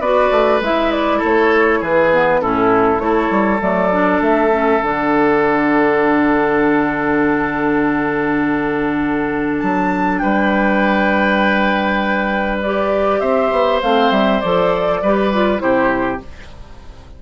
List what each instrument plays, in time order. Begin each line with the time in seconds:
0.00 bassoon B3, clarinet F#4, oboe B4, flute D5
0.31 bassoon A3
0.61 bassoon G#3, clarinet E4, flute E5
0.92 flute D5
1.18 bassoon A3, oboe A4
1.25 flute C#5
1.81 bassoon E3, oboe G#4, flute B4
2.12 clarinet B3
2.42 bassoon A2, clarinet C#4, oboe E4, flute A4
2.99 bassoon A3, clarinet E4, oboe A4, flute C#5
3.31 bassoon G3
3.61 bassoon F#3, clarinet A3, flute D5
3.92 clarinet D4
4.21 bassoon A3, flute E5
4.52 clarinet C#4
4.82 bassoon D3, clarinet D4, flute F#5
9.60 bassoon F#3, flute A5
10.19 bassoon G3, oboe B4, flute G5
12.62 clarinet G4, flute D5
13.21 bassoon C4, oboe C5, flute E5
13.51 bassoon B3
13.83 bassoon A3, clarinet C4, flute F5
14.11 bassoon G3, flute E5
14.41 bassoon F3, clarinet A4, flute D5
15.02 bassoon G3, clarinet G4, oboe B4
15.33 clarinet F4
15.58 bassoon C3, clarinet E4, oboe G4, flute C5